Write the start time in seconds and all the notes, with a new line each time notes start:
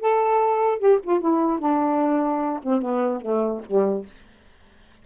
0.00 A4
0.79 G4
1.03 F4
1.20 E4
1.59 D4
2.63 C4
2.82 B3
3.21 A3
3.66 G3